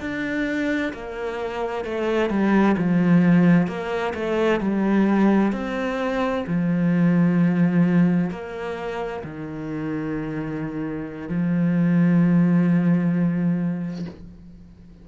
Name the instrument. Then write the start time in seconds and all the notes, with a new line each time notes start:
cello
0.00 D4
0.93 A#3
1.85 A3
2.30 G3
2.77 F3
3.68 A#3
4.15 A3
4.60 G3
5.52 C4
6.47 F3
8.31 A#3
9.24 D#3
11.29 F3